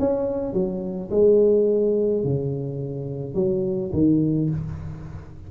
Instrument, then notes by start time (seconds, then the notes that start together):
tuba
0.00 C#4
0.54 F#3
1.11 G#3
2.24 C#3
3.35 F#3
3.93 D#3